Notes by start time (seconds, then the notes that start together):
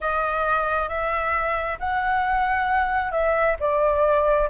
0.00 D#5
0.88 E5
1.79 F#5
3.11 E5
3.59 D5